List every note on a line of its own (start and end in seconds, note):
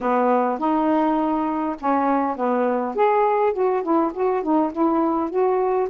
0.00 0.58 B3
0.58 1.76 D#4
1.79 2.36 C#4
2.36 2.95 B3
2.95 3.53 G#4
3.53 3.82 F#4
3.82 4.12 E4
4.13 4.42 F#4
4.42 4.72 D#4
4.72 5.29 E4
5.29 5.88 F#4